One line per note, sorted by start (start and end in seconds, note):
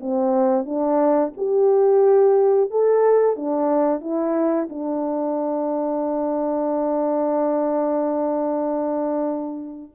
0.00 0.65 C4
0.65 1.32 D4
1.37 2.71 G4
2.71 3.36 A4
3.36 4.01 D4
4.01 4.68 E4
4.69 9.92 D4